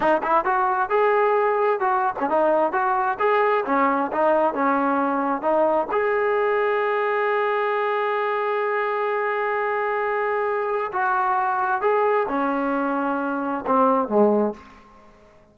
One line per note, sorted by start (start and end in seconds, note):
0.00 0.21 D#4
0.23 0.44 E4
0.44 0.89 F#4
0.89 1.80 G#4
1.80 2.14 F#4
2.19 2.29 C#4
2.29 2.72 D#4
2.72 3.18 F#4
3.19 3.64 G#4
3.65 4.11 C#4
4.12 4.54 D#4
4.54 5.41 C#4
5.41 5.87 D#4
5.91 10.91 G#4
10.92 11.81 F#4
11.81 12.26 G#4
12.28 13.64 C#4
13.66 14.08 C4
14.08 14.53 G#3